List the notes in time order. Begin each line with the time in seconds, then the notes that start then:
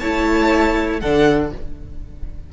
0.00 A3 E4 C#5 A5
1.01 D3 D4 A4 F#5